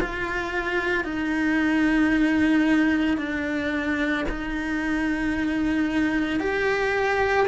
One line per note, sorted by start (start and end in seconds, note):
0.00 1.04 F4
1.04 3.17 D#4
3.17 4.24 D4
4.29 6.39 D#4
6.39 7.47 G4